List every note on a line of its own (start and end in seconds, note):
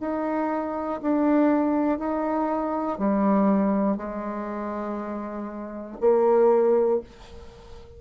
0.00 1.00 D#4
1.02 1.98 D4
1.98 2.98 D#4
2.98 3.97 G3
3.97 5.97 G#3
6.00 7.00 A#3